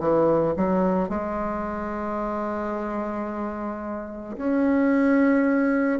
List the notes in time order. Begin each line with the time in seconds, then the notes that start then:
0.00 E3
0.57 F#3
1.10 G#3
4.37 C#4